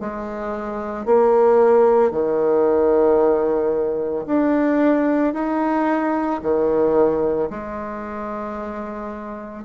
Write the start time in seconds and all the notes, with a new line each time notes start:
0.00 G#3
1.05 A#3
2.11 D#3
4.26 D4
5.33 D#4
6.42 D#3
7.50 G#3